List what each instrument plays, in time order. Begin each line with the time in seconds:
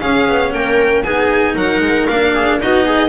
0.00 cello C#4, double bass C#4, viola G#4, violin F5
0.28 double bass B3
0.53 double bass A#3, viola A#4, violin G5
1.02 double bass B3, cello D#4, viola G#4, violin G#5
1.54 double bass F#3, viola A#4, violin F#5
1.81 double bass G#3
2.07 double bass A#3, cello D4, violin F5
2.34 viola G#4
2.60 double bass B3, cello D#4, viola F#4, violin D#5
2.85 viola G#4